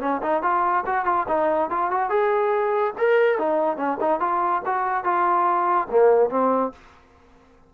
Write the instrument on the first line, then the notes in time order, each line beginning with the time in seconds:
trombone
0.00 C#4
0.22 D#4
0.42 F4
0.86 F#4
1.05 F4
1.28 D#4
1.70 F4
1.91 F#4
2.09 G#4
2.98 A#4
3.38 D#4
3.76 C#4
4.00 D#4
4.20 F4
4.65 F#4
5.04 F4
5.90 A#3
6.30 C4